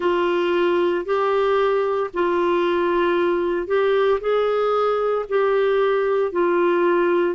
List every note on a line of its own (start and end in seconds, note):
0.00 1.05 F4
1.05 2.10 G4
2.13 3.67 F4
3.67 4.19 G4
4.20 5.25 G#4
5.28 6.32 G4
6.32 7.34 F4